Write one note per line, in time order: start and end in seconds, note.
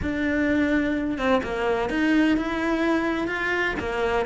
0.02 1.17 D4
1.17 1.41 C4
1.43 1.89 A#3
1.89 2.37 D#4
2.37 3.27 E4
3.27 3.75 F4
3.79 4.26 A#3